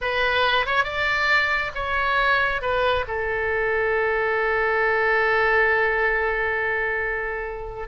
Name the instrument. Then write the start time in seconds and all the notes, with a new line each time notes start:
oboe
0.01 B4
0.66 C#5
0.84 D5
1.74 C#5
2.61 B4
3.07 A4